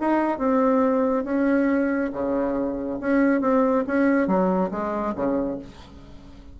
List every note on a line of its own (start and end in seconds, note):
0.00 0.38 D#4
0.38 1.24 C4
1.24 2.10 C#4
2.12 2.99 C#3
3.00 3.41 C#4
3.41 3.84 C4
3.87 4.27 C#4
4.27 4.71 F#3
4.71 5.14 G#3
5.15 5.58 C#3